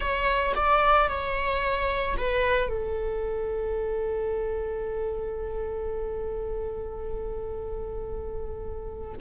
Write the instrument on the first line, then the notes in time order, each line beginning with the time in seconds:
viola
0.00 C#5
0.55 D5
1.08 C#5
2.17 B4
2.68 A4